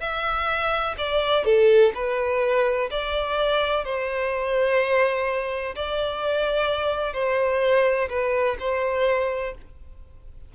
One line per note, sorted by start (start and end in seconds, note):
0.00 0.95 E5
0.98 1.45 D5
1.45 1.93 A4
1.95 2.90 B4
2.91 3.84 D5
3.84 5.75 C5
5.75 7.13 D5
7.13 8.09 C5
8.10 8.57 B4
8.59 9.55 C5